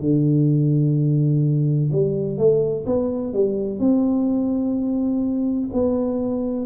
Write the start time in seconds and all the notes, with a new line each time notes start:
0.00 D3
1.92 G3
2.37 A3
2.86 B3
3.33 G3
3.79 C4
5.73 B3